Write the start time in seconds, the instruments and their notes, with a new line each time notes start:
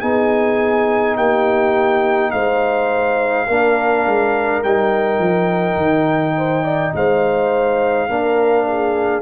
0.00 tuba B3, trombone D#4, horn G#4, trumpet G#5
1.16 tuba A#3, horn G4, trumpet G5
2.31 tuba G#3, horn C5, trumpet F5
3.47 tuba A#3, trombone D4, horn A#4
4.06 tuba G#3
4.63 tuba G3, trombone D#4, trumpet G5
5.19 tuba F3
5.77 tuba D#3
6.37 horn C5
6.64 horn D5
6.94 tuba G#3, horn C5, trumpet F5
8.08 tuba A#3, trombone D4, horn A#4
8.67 horn G#4